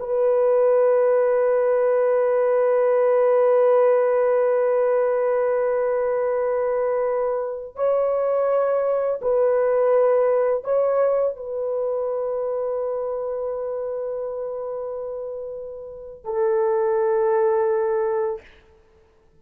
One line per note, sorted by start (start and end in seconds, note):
0.00 7.76 B4
7.76 9.21 C#5
9.22 10.65 B4
10.65 11.37 C#5
11.37 16.25 B4
16.25 18.42 A4